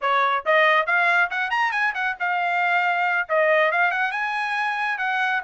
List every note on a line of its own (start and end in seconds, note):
0.01 0.44 C#5
0.45 0.86 D#5
0.86 1.30 F5
1.30 1.50 F#5
1.50 1.71 A#5
1.71 1.93 G#5
1.94 2.16 F#5
2.19 3.28 F5
3.28 3.71 D#5
3.71 3.91 F5
3.91 4.11 F#5
4.11 4.98 G#5
4.98 5.41 F#5